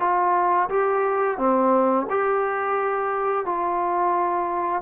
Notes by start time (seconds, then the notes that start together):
0.00 F4
0.69 G4
1.38 C4
2.10 G4
3.46 F4